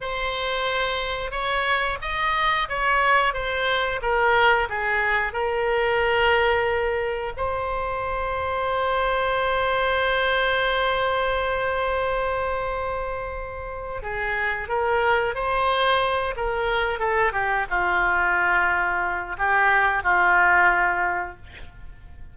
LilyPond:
\new Staff \with { instrumentName = "oboe" } { \time 4/4 \tempo 4 = 90 c''2 cis''4 dis''4 | cis''4 c''4 ais'4 gis'4 | ais'2. c''4~ | c''1~ |
c''1~ | c''4 gis'4 ais'4 c''4~ | c''8 ais'4 a'8 g'8 f'4.~ | f'4 g'4 f'2 | }